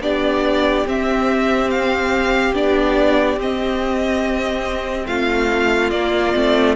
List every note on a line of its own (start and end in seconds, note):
0.00 0.85 B3
0.00 0.86 D4
0.00 5.07 G4
0.00 0.87 D5
0.86 2.55 C4
0.86 2.54 C4
0.86 1.71 E5
1.71 2.55 F5
2.54 3.37 B3
2.54 3.39 D4
2.54 3.40 D5
3.37 5.06 C4
3.37 5.93 C4
3.37 5.07 D#5
5.07 5.92 A3
5.07 6.76 F4
5.07 5.91 F5
5.91 6.34 A#3
5.91 6.36 A#3
5.91 6.75 D5
6.36 6.77 A3
6.36 6.77 C4